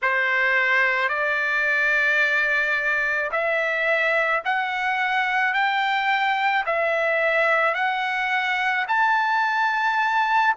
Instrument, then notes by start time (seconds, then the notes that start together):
trumpet
0.02 C5
1.08 D5
3.31 E5
4.44 F#5
5.53 G5
6.66 E5
7.74 F#5
8.88 A5